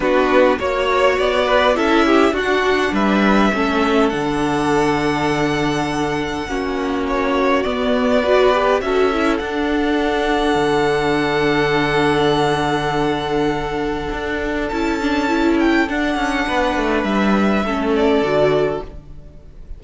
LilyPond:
<<
  \new Staff \with { instrumentName = "violin" } { \time 4/4 \tempo 4 = 102 b'4 cis''4 d''4 e''4 | fis''4 e''2 fis''4~ | fis''1 | cis''4 d''2 e''4 |
fis''1~ | fis''1~ | fis''4 a''4. g''8 fis''4~ | fis''4 e''4. d''4. | }
  \new Staff \with { instrumentName = "violin" } { \time 4/4 fis'4 cis''4. b'8 a'8 g'8 | fis'4 b'4 a'2~ | a'2. fis'4~ | fis'2 b'4 a'4~ |
a'1~ | a'1~ | a'1 | b'2 a'2 | }
  \new Staff \with { instrumentName = "viola" } { \time 4/4 d'4 fis'2 e'4 | d'2 cis'4 d'4~ | d'2. cis'4~ | cis'4 b4 fis'8 g'8 fis'8 e'8 |
d'1~ | d'1~ | d'4 e'8 d'8 e'4 d'4~ | d'2 cis'4 fis'4 | }
  \new Staff \with { instrumentName = "cello" } { \time 4/4 b4 ais4 b4 cis'4 | d'4 g4 a4 d4~ | d2. ais4~ | ais4 b2 cis'4 |
d'2 d2~ | d1 | d'4 cis'2 d'8 cis'8 | b8 a8 g4 a4 d4 | }
>>